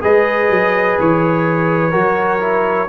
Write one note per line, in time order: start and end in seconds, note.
0.00 0.50 G#3
0.00 1.90 G#4
0.00 1.91 B4
0.00 0.99 D#5
0.50 0.98 F#3
1.00 1.94 E3
1.00 2.88 C#5
1.91 2.88 F#3
1.91 2.39 F#4
1.91 2.87 A#4
2.40 2.87 E4